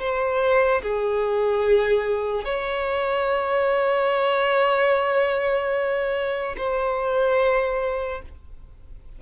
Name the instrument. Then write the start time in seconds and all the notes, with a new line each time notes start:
violin
0.00 C5
0.83 G#4
2.45 C#5
6.58 C5